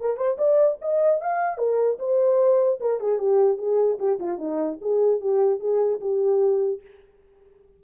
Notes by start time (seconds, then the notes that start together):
0.00 A#4
0.17 C5
0.38 D5
0.81 D#5
1.21 F5
1.58 A#4
1.99 C5
2.80 A#4
3.00 G#4
3.18 G4
3.58 G#4
3.99 G4
4.19 F4
4.38 D#4
4.81 G#4
5.20 G4
5.60 G#4
6.00 G4